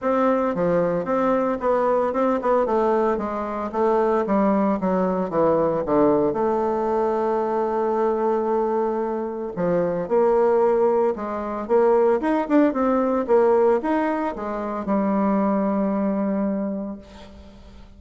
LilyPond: \new Staff \with { instrumentName = "bassoon" } { \time 4/4 \tempo 4 = 113 c'4 f4 c'4 b4 | c'8 b8 a4 gis4 a4 | g4 fis4 e4 d4 | a1~ |
a2 f4 ais4~ | ais4 gis4 ais4 dis'8 d'8 | c'4 ais4 dis'4 gis4 | g1 | }